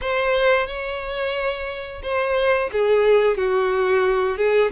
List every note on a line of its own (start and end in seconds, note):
0.01 0.66 C5
0.66 2.01 C#5
2.02 2.70 C5
2.72 3.37 G#4
3.37 4.37 F#4
4.37 4.71 G#4